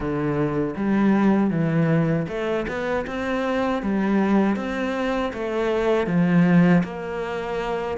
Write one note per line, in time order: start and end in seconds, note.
0.00 0.74 D3
0.76 1.50 G3
1.50 2.26 E3
2.28 2.66 A3
2.68 3.06 B3
3.06 3.82 C4
3.82 4.56 G3
4.56 5.32 C4
5.33 6.06 A3
6.06 6.82 F3
6.83 7.97 A#3